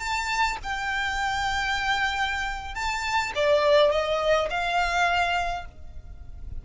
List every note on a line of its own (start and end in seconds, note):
0.00 0.58 A5
0.63 2.75 G5
2.75 3.33 A5
3.36 3.92 D5
3.92 4.49 D#5
4.50 5.66 F5